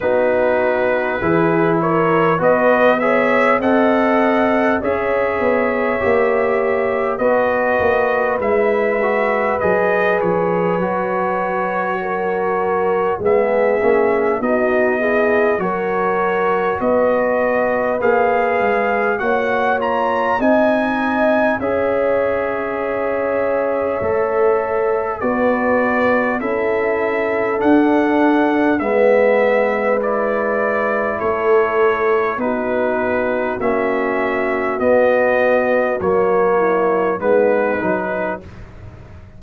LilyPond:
<<
  \new Staff \with { instrumentName = "trumpet" } { \time 4/4 \tempo 4 = 50 b'4. cis''8 dis''8 e''8 fis''4 | e''2 dis''4 e''4 | dis''8 cis''2~ cis''8 e''4 | dis''4 cis''4 dis''4 f''4 |
fis''8 ais''8 gis''4 e''2~ | e''4 d''4 e''4 fis''4 | e''4 d''4 cis''4 b'4 | e''4 dis''4 cis''4 b'4 | }
  \new Staff \with { instrumentName = "horn" } { \time 4/4 fis'4 gis'8 ais'8 b'8 cis''8 dis''4 | cis''2 b'2~ | b'2 ais'4 gis'4 | fis'8 gis'8 ais'4 b'2 |
cis''4 dis''4 cis''2~ | cis''4 b'4 a'2 | b'2 a'4 fis'4~ | fis'2~ fis'8 e'8 dis'4 | }
  \new Staff \with { instrumentName = "trombone" } { \time 4/4 dis'4 e'4 fis'8 gis'8 a'4 | gis'4 g'4 fis'4 e'8 fis'8 | gis'4 fis'2 b8 cis'8 | dis'8 e'8 fis'2 gis'4 |
fis'8 f'8 dis'4 gis'2 | a'4 fis'4 e'4 d'4 | b4 e'2 dis'4 | cis'4 b4 ais4 b8 dis'8 | }
  \new Staff \with { instrumentName = "tuba" } { \time 4/4 b4 e4 b4 c'4 | cis'8 b8 ais4 b8 ais8 gis4 | fis8 f8 fis2 gis8 ais8 | b4 fis4 b4 ais8 gis8 |
ais4 c'4 cis'2 | a4 b4 cis'4 d'4 | gis2 a4 b4 | ais4 b4 fis4 gis8 fis8 | }
>>